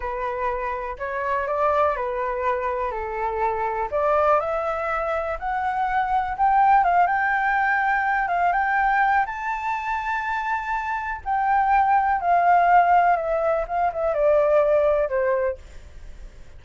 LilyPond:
\new Staff \with { instrumentName = "flute" } { \time 4/4 \tempo 4 = 123 b'2 cis''4 d''4 | b'2 a'2 | d''4 e''2 fis''4~ | fis''4 g''4 f''8 g''4.~ |
g''4 f''8 g''4. a''4~ | a''2. g''4~ | g''4 f''2 e''4 | f''8 e''8 d''2 c''4 | }